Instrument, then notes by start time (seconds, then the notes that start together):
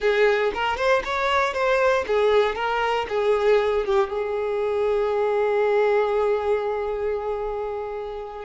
violin
0.00 G#4
0.54 A#4
0.76 C5
1.04 C#5
1.53 C5
2.07 G#4
2.55 A#4
3.08 G#4
3.85 G4
4.09 G#4